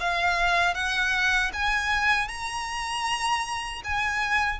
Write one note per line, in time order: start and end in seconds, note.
0.00 0.74 F5
0.74 1.51 F#5
1.53 2.28 G#5
2.28 3.82 A#5
3.84 4.60 G#5